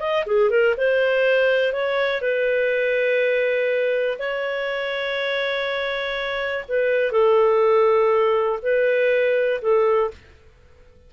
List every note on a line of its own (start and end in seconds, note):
0.00 0.25 D#5
0.26 0.50 G#4
0.50 0.75 A#4
0.78 1.73 C5
1.73 2.22 C#5
2.22 4.18 B4
4.19 6.65 C#5
6.69 7.12 B4
7.12 8.60 A4
8.63 9.61 B4
9.62 10.11 A4